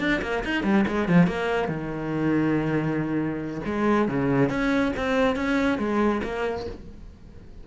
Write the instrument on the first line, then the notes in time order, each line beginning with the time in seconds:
cello
0.00 D4
0.22 A#3
0.45 D#4
0.64 G3
0.88 G#3
1.09 F3
1.27 A#3
1.69 D#3
3.66 G#3
4.09 C#3
4.50 C#4
4.97 C4
5.36 C#4
5.79 G#3
6.23 A#3